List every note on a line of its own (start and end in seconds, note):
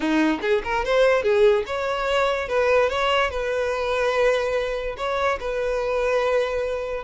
0.00 0.40 D#4
0.41 0.62 G#4
0.64 0.84 A#4
0.85 1.22 C5
1.22 1.64 G#4
1.66 2.48 C#5
2.48 2.89 B4
2.89 3.30 C#5
3.30 4.96 B4
4.97 5.38 C#5
5.40 7.03 B4